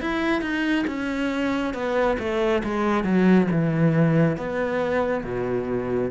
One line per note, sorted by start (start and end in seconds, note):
0.00 0.41 E4
0.41 0.85 D#4
0.87 1.73 C#4
1.73 2.17 B3
2.19 2.62 A3
2.63 3.04 G#3
3.04 3.47 F#3
3.51 4.36 E3
4.36 5.23 B3
5.23 6.10 B2